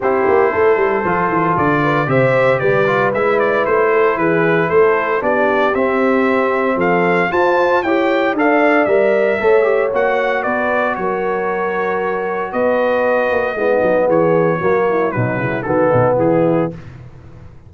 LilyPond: <<
  \new Staff \with { instrumentName = "trumpet" } { \time 4/4 \tempo 4 = 115 c''2. d''4 | e''4 d''4 e''8 d''8 c''4 | b'4 c''4 d''4 e''4~ | e''4 f''4 a''4 g''4 |
f''4 e''2 fis''4 | d''4 cis''2. | dis''2. cis''4~ | cis''4 b'4 a'4 gis'4 | }
  \new Staff \with { instrumentName = "horn" } { \time 4/4 g'4 a'2~ a'8 b'8 | c''4 b'2~ b'8 a'8 | gis'4 a'4 g'2~ | g'4 a'4 c''4 cis''4 |
d''2 cis''2 | b'4 ais'2. | b'2 e'16 dis'8. gis'4 | fis'8 e'8 dis'8 e'8 fis'8 dis'8 e'4 | }
  \new Staff \with { instrumentName = "trombone" } { \time 4/4 e'2 f'2 | g'4. f'8 e'2~ | e'2 d'4 c'4~ | c'2 f'4 g'4 |
a'4 ais'4 a'8 g'8 fis'4~ | fis'1~ | fis'2 b2 | ais4 fis4 b2 | }
  \new Staff \with { instrumentName = "tuba" } { \time 4/4 c'8 ais8 a8 g8 f8 e8 d4 | c4 g4 gis4 a4 | e4 a4 b4 c'4~ | c'4 f4 f'4 e'4 |
d'4 g4 a4 ais4 | b4 fis2. | b4. ais8 gis8 fis8 e4 | fis4 b,8 cis8 dis8 b,8 e4 | }
>>